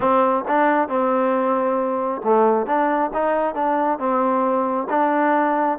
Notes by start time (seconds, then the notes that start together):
0.00 C4
0.48 D4
0.88 C4
2.24 A3
2.66 D4
3.13 D#4
3.54 D4
3.98 C4
4.89 D4